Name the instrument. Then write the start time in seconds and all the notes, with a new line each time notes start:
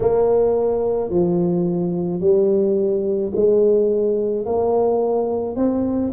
tuba
0.00 A#3
1.10 F3
2.20 G3
3.35 G#3
4.45 A#3
5.56 C4